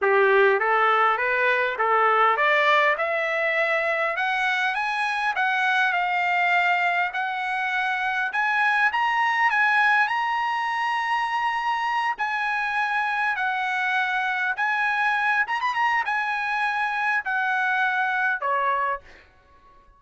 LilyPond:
\new Staff \with { instrumentName = "trumpet" } { \time 4/4 \tempo 4 = 101 g'4 a'4 b'4 a'4 | d''4 e''2 fis''4 | gis''4 fis''4 f''2 | fis''2 gis''4 ais''4 |
gis''4 ais''2.~ | ais''8 gis''2 fis''4.~ | fis''8 gis''4. ais''16 b''16 ais''8 gis''4~ | gis''4 fis''2 cis''4 | }